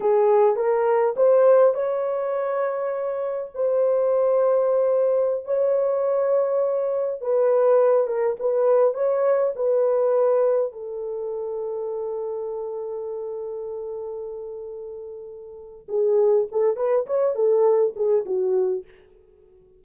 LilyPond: \new Staff \with { instrumentName = "horn" } { \time 4/4 \tempo 4 = 102 gis'4 ais'4 c''4 cis''4~ | cis''2 c''2~ | c''4~ c''16 cis''2~ cis''8.~ | cis''16 b'4. ais'8 b'4 cis''8.~ |
cis''16 b'2 a'4.~ a'16~ | a'1~ | a'2. gis'4 | a'8 b'8 cis''8 a'4 gis'8 fis'4 | }